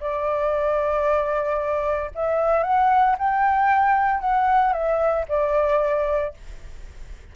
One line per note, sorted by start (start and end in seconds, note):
0.00 2.11 D5
2.14 2.63 E5
2.63 3.16 F#5
3.18 4.20 G5
4.20 4.72 F#5
4.73 5.25 E5
5.28 6.33 D5